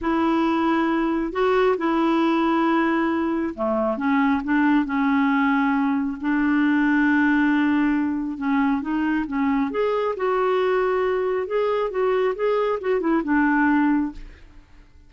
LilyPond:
\new Staff \with { instrumentName = "clarinet" } { \time 4/4 \tempo 4 = 136 e'2. fis'4 | e'1 | a4 cis'4 d'4 cis'4~ | cis'2 d'2~ |
d'2. cis'4 | dis'4 cis'4 gis'4 fis'4~ | fis'2 gis'4 fis'4 | gis'4 fis'8 e'8 d'2 | }